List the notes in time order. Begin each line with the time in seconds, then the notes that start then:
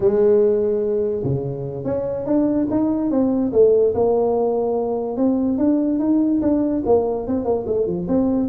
0.00 G#3
1.23 C#3
1.84 C#4
2.26 D4
2.70 D#4
3.10 C4
3.52 A3
3.94 A#3
5.16 C4
5.58 D4
5.99 D#4
6.41 D4
6.85 A#3
7.27 C4
7.44 A#3
7.67 A3
7.86 F3
8.08 C4